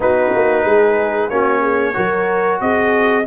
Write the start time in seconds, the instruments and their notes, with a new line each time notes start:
0.00 tuba B3, trombone D#4, horn F#4, trumpet B4
0.34 tuba A#3
0.65 tuba G#3, horn G#4
1.29 tuba A#3, trombone C#4, horn F#4, trumpet C#5
1.61 horn G#4
1.93 tuba F#3, trombone F#4, horn A#4
2.60 tuba C4, horn G#4, trumpet D#5